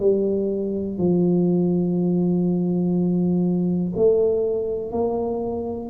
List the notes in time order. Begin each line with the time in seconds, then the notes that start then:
0.00 G3
0.98 F3
3.97 A3
4.92 A#3